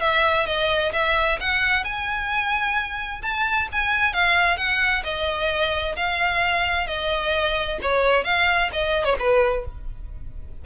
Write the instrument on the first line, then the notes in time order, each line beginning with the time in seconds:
violin
0.00 E5
0.46 D#5
0.92 E5
1.40 F#5
1.84 G#5
3.22 A5
3.72 G#5
4.13 F5
4.57 F#5
5.03 D#5
5.96 F5
6.87 D#5
7.82 C#5
8.24 F5
8.72 D#5
9.04 C#5
9.19 B4